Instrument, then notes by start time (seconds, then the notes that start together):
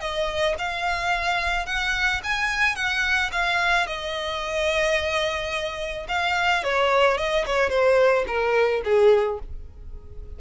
violin
0.00 D#5
0.58 F5
1.66 F#5
2.23 G#5
2.75 F#5
3.32 F5
3.86 D#5
6.08 F5
6.63 C#5
7.17 D#5
7.46 C#5
7.69 C5
8.27 A#4
8.84 G#4